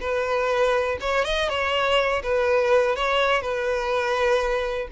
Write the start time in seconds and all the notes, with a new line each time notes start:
0.00 B4
1.00 C#5
1.24 D#5
1.49 C#5
2.23 B4
2.96 C#5
3.41 B4